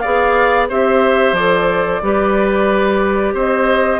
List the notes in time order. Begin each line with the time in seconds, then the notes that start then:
0.00 B3 G#4 D5 F5
0.68 C4 G4 C5 E5
1.32 F3 A4 D5
2.02 G3 G4 B4
3.34 C4 C5 D#5